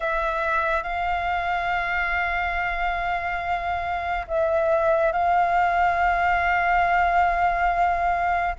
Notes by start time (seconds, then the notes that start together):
0.00 E5
0.83 F5
4.27 E5
5.12 F5